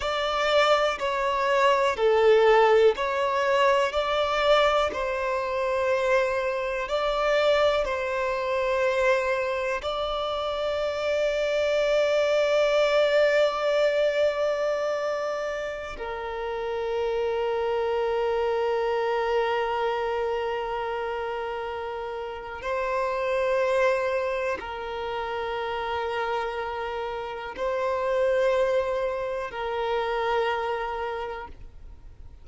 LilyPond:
\new Staff \with { instrumentName = "violin" } { \time 4/4 \tempo 4 = 61 d''4 cis''4 a'4 cis''4 | d''4 c''2 d''4 | c''2 d''2~ | d''1~ |
d''16 ais'2.~ ais'8.~ | ais'2. c''4~ | c''4 ais'2. | c''2 ais'2 | }